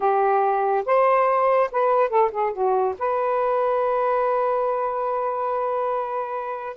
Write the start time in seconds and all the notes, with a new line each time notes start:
0.00 G4
0.85 C5
1.71 B4
2.09 A4
2.31 G#4
2.52 F#4
2.98 B4